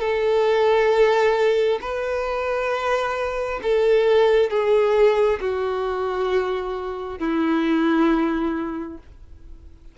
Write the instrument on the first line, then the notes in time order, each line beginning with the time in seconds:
violin
0.00 A4
1.81 B4
3.62 A4
4.50 G#4
5.40 F#4
7.19 E4